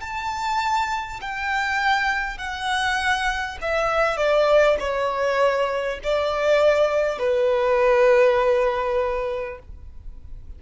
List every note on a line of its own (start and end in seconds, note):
0.00 1.20 A5
1.21 2.38 G5
2.38 3.58 F#5
3.62 4.17 E5
4.17 4.77 D5
4.79 5.99 C#5
6.03 7.18 D5
7.18 9.58 B4